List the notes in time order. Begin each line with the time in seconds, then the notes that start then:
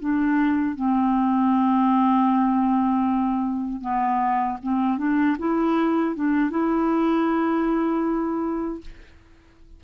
0.00 D4
0.75 C4
3.81 B3
4.63 C4
4.98 D4
5.39 E4
6.15 D4
6.50 E4